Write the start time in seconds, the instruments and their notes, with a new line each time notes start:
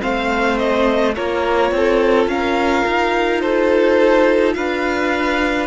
0.00 cello A3, viola C4, violin C5 F5
0.58 violin D#5
1.15 cello A#3, viola F4, violin A#4 C#5
1.71 cello C4, violin A4
2.27 cello C#4, violin A#4 F5
2.86 cello D#4
3.41 violin A4 C5
4.54 cello D4, violin B4 F5